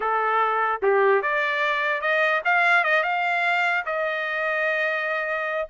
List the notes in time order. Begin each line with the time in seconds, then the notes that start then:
0.00 A4
0.82 G4
1.22 D5
2.01 D#5
2.44 F5
2.83 D#5
3.03 F5
3.85 D#5